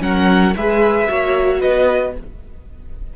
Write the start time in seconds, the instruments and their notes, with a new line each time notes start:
0.00 cello F#3, viola C#4, violin A#4 F#5
0.56 cello G#3, viola G#4, violin B4 E5
1.08 cello A#3, viola F#4, violin C#5
1.60 cello B3, violin B4 D#5